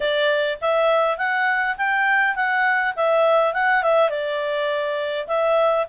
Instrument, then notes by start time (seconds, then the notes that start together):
clarinet
0.00 D5
0.61 E5
1.17 F#5
1.77 G5
2.35 F#5
2.96 E5
3.53 F#5
3.83 E5
4.09 D5
5.27 E5